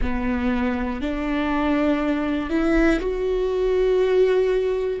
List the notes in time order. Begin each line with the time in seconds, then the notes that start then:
0.01 B3
1.00 D4
2.49 E4
3.00 F#4